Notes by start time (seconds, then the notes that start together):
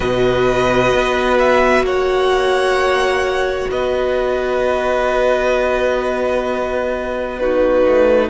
0.00 B2 F#4 B4 D#5
0.93 B3
1.38 E5
1.81 A#3 C#5 F#5
3.70 B3 B4 D#5
7.39 D#4 F#4 B4
7.86 A3